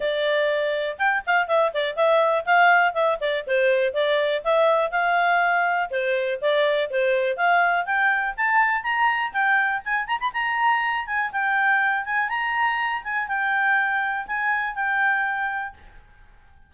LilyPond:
\new Staff \with { instrumentName = "clarinet" } { \time 4/4 \tempo 4 = 122 d''2 g''8 f''8 e''8 d''8 | e''4 f''4 e''8 d''8 c''4 | d''4 e''4 f''2 | c''4 d''4 c''4 f''4 |
g''4 a''4 ais''4 g''4 | gis''8 ais''16 b''16 ais''4. gis''8 g''4~ | g''8 gis''8 ais''4. gis''8 g''4~ | g''4 gis''4 g''2 | }